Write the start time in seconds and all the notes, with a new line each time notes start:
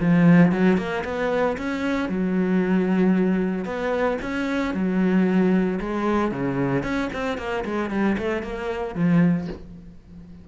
0.00 F3
0.51 F#3
0.77 A#3
1.04 B3
1.57 C#4
2.09 F#3
3.65 B3
4.22 C#4
4.74 F#3
5.80 G#3
6.31 C#3
6.83 C#4
7.13 C4
7.38 A#3
7.65 G#3
7.90 G3
8.17 A3
8.42 A#3
8.95 F3